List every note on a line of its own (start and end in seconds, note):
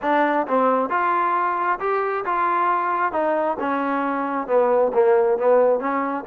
0.02 0.46 D4
0.47 0.89 C4
0.89 1.79 F4
1.79 2.24 G4
2.24 3.12 F4
3.12 3.57 D#4
3.59 4.47 C#4
4.47 4.92 B3
4.93 5.38 A#3
5.38 5.79 B3
5.79 6.24 C#4